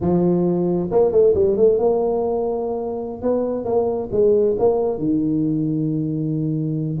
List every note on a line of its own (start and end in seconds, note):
0.00 0.89 F3
0.91 1.11 A#3
1.11 1.33 A3
1.34 1.56 G3
1.56 1.78 A3
1.78 3.21 A#3
3.21 3.64 B3
3.64 4.09 A#3
4.11 4.56 G#3
4.58 4.98 A#3
4.98 6.98 D#3